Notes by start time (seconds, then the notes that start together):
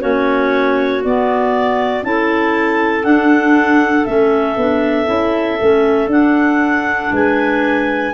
0.00 A#3 C#4 F#4 C#5
1.04 B3 D5
2.03 C#4 E4 A4 A5
3.03 D4 F#5
4.05 A3 C#4 E5
4.57 B3 D4
5.06 C#4 E4
5.61 A3 C#4
6.07 D4 F#5
7.11 G#3 B4 G#5